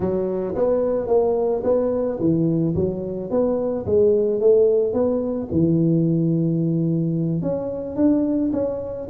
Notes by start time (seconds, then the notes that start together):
0.00 F#3
0.55 B3
1.07 A#3
1.63 B3
2.19 E3
2.75 F#3
3.30 B3
3.85 G#3
4.40 A3
4.93 B3
5.51 E3
7.42 C#4
7.96 D4
8.52 C#4